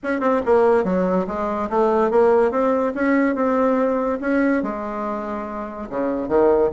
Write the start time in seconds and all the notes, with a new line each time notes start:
0.03 C#4
0.20 C4
0.45 A#3
0.84 F#3
1.27 G#3
1.69 A3
2.11 A#3
2.51 C4
2.94 C#4
3.35 C4
4.21 C#4
4.63 G#3
5.89 C#3
6.28 D#3